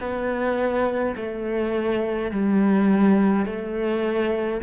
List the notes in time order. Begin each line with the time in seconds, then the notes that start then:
0.00 B3
1.16 A3
2.31 G3
3.46 A3